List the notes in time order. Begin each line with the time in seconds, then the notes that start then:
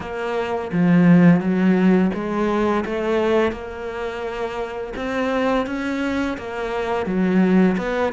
0.00 A#3
0.72 F3
1.40 F#3
2.14 G#3
2.85 A3
3.52 A#3
4.96 C4
5.66 C#4
6.37 A#3
7.06 F#3
7.77 B3